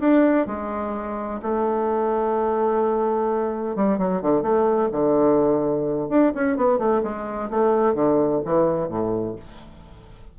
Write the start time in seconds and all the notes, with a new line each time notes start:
0.00 D4
0.47 G#3
1.42 A3
3.76 G3
3.98 F#3
4.22 D3
4.42 A3
4.92 D3
6.09 D4
6.35 C#4
6.56 B3
6.78 A3
7.03 G#3
7.50 A3
7.95 D3
8.45 E3
8.88 A2